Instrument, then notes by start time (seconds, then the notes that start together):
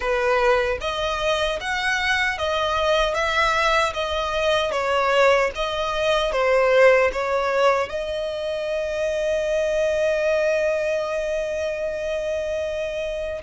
violin
0.00 B4
0.80 D#5
1.60 F#5
2.38 D#5
3.14 E5
3.93 D#5
4.72 C#5
5.55 D#5
6.32 C5
7.12 C#5
7.89 D#5